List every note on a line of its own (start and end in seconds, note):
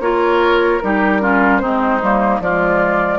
0.00 0.80 A#3
0.00 0.82 F4
0.00 0.83 A#4
0.00 0.80 C#5
0.80 1.63 G3
0.80 1.21 D#4
0.80 1.22 G4
0.80 1.59 A#4
1.21 1.61 C#4
1.21 1.62 F4
1.59 2.02 G#3
1.59 2.01 C4
1.59 2.42 D#4
1.59 2.39 C5
2.02 2.40 G3
2.02 2.43 A#3
2.40 3.19 F3
2.40 3.19 G#3
2.40 3.19 F4
2.40 3.19 D5